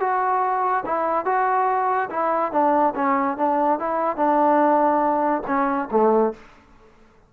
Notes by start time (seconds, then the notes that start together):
0.00 F#4
0.85 E4
1.25 F#4
2.10 E4
2.52 D4
2.95 C#4
3.37 D4
3.79 E4
4.16 D4
5.47 C#4
5.91 A3